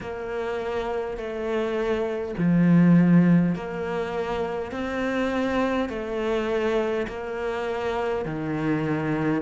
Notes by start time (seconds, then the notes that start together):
0.01 A#3
1.17 A3
2.37 F3
3.55 A#3
4.71 C4
5.89 A3
7.07 A#3
8.25 D#3